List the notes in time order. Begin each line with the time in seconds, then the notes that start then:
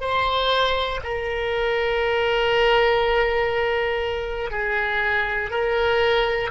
0.00 C5
1.03 A#4
4.50 G#4
5.50 A#4